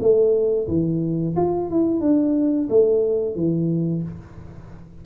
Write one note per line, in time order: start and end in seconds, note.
0.00 0.67 A3
0.67 1.35 E3
1.36 1.70 F4
1.70 2.00 E4
2.00 2.68 D4
2.69 3.35 A3
3.35 4.03 E3